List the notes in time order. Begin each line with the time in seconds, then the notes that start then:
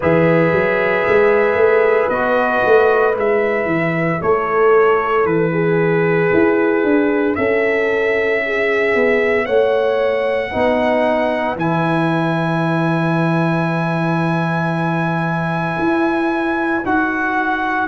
0.00 E3 G#4 B4 E5
0.52 F#3
1.07 G#3
1.54 A3
2.09 B3 F#4 D#5
2.65 A3
3.12 G#3 E4
3.19 E5
3.65 E3
4.21 A3 A4 C#5
5.24 E3 B4
5.52 G#4
6.33 E4
6.83 D4
7.35 C#4 A4 E5
8.46 G#4
8.95 B3
9.45 A3 C#5 F#5
10.49 B3 D#4 B4
11.56 E3 E4 G#5
15.79 E4
16.84 D#4 F#4 F#5